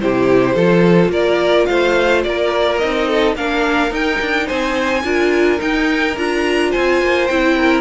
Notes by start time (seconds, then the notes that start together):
0.00 C3 E4 G4 C5
0.55 F3 F4 A4
1.08 A#3 A#4 D5
1.66 A3 C5 F5
2.23 A#3 A#4 D5
2.78 C4 D#4 D#5
3.08 A4
3.36 A#3 D4 A#4 F5
3.90 D#4 G5
4.21 D4
4.47 C4 C5 G#5
5.03 D4 F4 A#4
5.59 D#4 G5
6.17 D4 F4 A#5
6.70 C5 G#5
6.77 C4
7.01 A#3
7.27 C4 E4 G5
7.57 A#4